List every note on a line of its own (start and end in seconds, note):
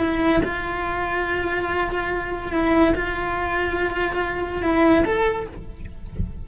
0.00 0.42 E4
0.43 2.52 F4
2.52 2.94 E4
2.95 4.62 F4
4.62 5.04 E4
5.05 5.47 A4